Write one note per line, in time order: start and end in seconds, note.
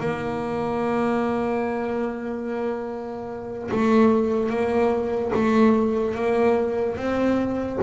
0.00 3.70 A#3
3.71 4.49 A3
4.49 5.32 A#3
5.35 6.15 A3
6.15 6.96 A#3
6.96 7.79 C4